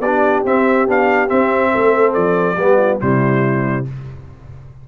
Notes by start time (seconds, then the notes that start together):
0.00 B3 D4 G4 D5
0.45 C4 E5
0.87 B3 D4 F5
1.28 C4 E5
1.72 A3 A4
2.14 F3 D5
2.57 G3 B3 G4
2.78 F4
3.00 C3 G3 E4 C5